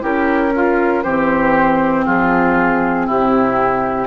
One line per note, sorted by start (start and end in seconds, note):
0.00 1.05 C#4
0.00 0.51 E4
0.00 0.53 G4
0.00 1.03 A#4
0.56 1.04 F4
1.03 2.07 E3
1.03 4.07 C4
1.03 2.06 G4
1.03 2.05 C5
2.06 3.09 F3
2.06 3.07 F4
2.06 3.08 G#4
3.07 4.07 C3
3.07 4.07 E4
3.07 4.07 G4